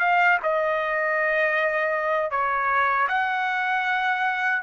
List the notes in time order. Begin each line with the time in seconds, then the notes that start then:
0.00 F5
0.43 D#5
2.31 C#5
3.09 F#5